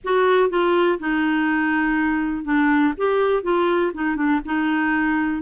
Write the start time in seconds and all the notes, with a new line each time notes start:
0.04 F#4
0.49 F4
0.99 D#4
2.44 D4
2.97 G4
3.42 F4
3.93 D#4
4.16 D4
4.45 D#4